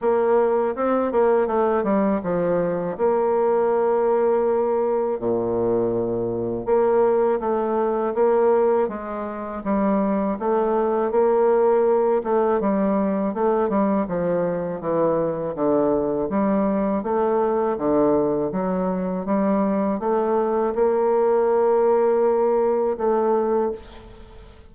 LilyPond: \new Staff \with { instrumentName = "bassoon" } { \time 4/4 \tempo 4 = 81 ais4 c'8 ais8 a8 g8 f4 | ais2. ais,4~ | ais,4 ais4 a4 ais4 | gis4 g4 a4 ais4~ |
ais8 a8 g4 a8 g8 f4 | e4 d4 g4 a4 | d4 fis4 g4 a4 | ais2. a4 | }